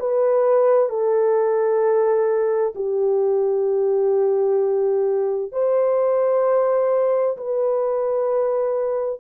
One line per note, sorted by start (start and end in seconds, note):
0.00 0.89 B4
0.89 2.74 A4
2.75 5.52 G4
5.52 7.37 C5
7.37 9.20 B4